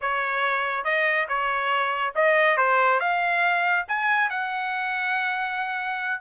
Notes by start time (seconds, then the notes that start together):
0.01 C#5
0.84 D#5
1.28 C#5
2.15 D#5
2.57 C5
2.99 F5
3.87 G#5
4.30 F#5